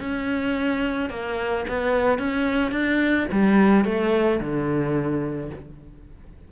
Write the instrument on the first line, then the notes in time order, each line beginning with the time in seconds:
cello
0.00 C#4
1.10 A#3
1.69 B3
2.19 C#4
2.72 D4
3.32 G3
3.85 A3
4.40 D3